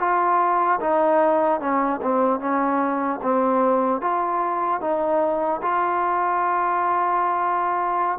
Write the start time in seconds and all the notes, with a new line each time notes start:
0.00 F4
0.81 D#4
1.61 C#4
2.02 C4
2.40 C#4
3.23 C4
4.01 F4
4.81 D#4
5.62 F4